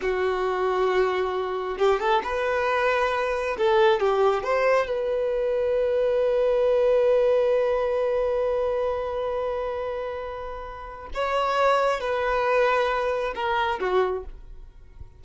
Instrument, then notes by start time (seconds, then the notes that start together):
violin
0.01 F#4
1.78 G4
2.00 A4
2.23 B4
3.57 A4
3.99 G4
4.43 C5
4.86 B4
11.14 C#5
12.00 B4
13.35 A#4
13.80 F#4